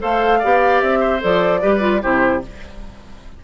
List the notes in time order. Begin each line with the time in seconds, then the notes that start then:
0.00 A3 A4 C5 F5
0.39 B3 G4 D5
0.81 C4 E5
1.01 C5
1.21 F3 A4 D5
1.62 G3 G4 B4
1.81 F4
2.02 C3 E4 G4 C5